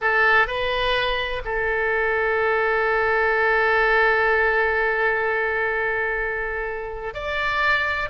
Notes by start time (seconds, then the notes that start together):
0.01 A4
0.47 B4
1.44 A4
7.14 D5